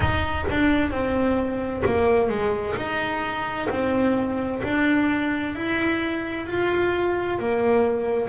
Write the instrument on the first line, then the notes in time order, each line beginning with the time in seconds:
double bass
0.00 D#4
0.50 D4
0.90 C4
1.85 A#3
2.29 G#3
2.76 D#4
3.69 C4
4.63 D4
5.55 E4
6.46 F4
7.38 A#3